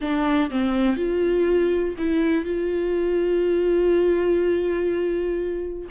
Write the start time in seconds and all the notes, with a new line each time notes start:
0.01 D4
0.50 C4
0.96 F4
1.98 E4
2.44 F4